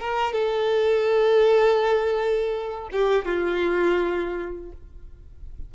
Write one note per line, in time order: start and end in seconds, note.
0.00 0.33 A#4
0.33 2.89 A4
2.92 3.26 G4
3.26 4.72 F4